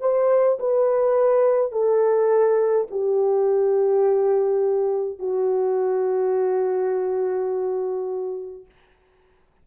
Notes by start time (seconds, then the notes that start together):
0.00 C5
0.59 B4
1.72 A4
2.90 G4
5.19 F#4